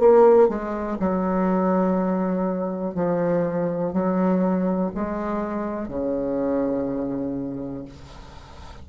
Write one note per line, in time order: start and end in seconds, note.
0.00 0.49 A#3
0.49 0.98 G#3
1.00 2.95 F#3
2.95 3.93 F3
3.93 4.92 F#3
4.95 5.88 G#3
5.88 7.85 C#3